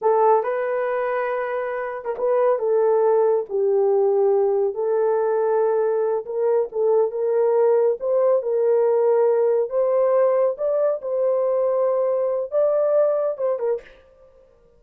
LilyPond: \new Staff \with { instrumentName = "horn" } { \time 4/4 \tempo 4 = 139 a'4 b'2.~ | b'8. ais'16 b'4 a'2 | g'2. a'4~ | a'2~ a'8 ais'4 a'8~ |
a'8 ais'2 c''4 ais'8~ | ais'2~ ais'8 c''4.~ | c''8 d''4 c''2~ c''8~ | c''4 d''2 c''8 ais'8 | }